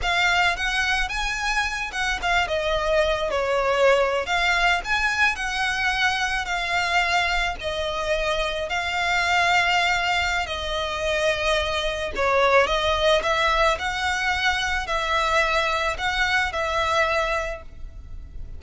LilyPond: \new Staff \with { instrumentName = "violin" } { \time 4/4 \tempo 4 = 109 f''4 fis''4 gis''4. fis''8 | f''8 dis''4. cis''4.~ cis''16 f''16~ | f''8. gis''4 fis''2 f''16~ | f''4.~ f''16 dis''2 f''16~ |
f''2. dis''4~ | dis''2 cis''4 dis''4 | e''4 fis''2 e''4~ | e''4 fis''4 e''2 | }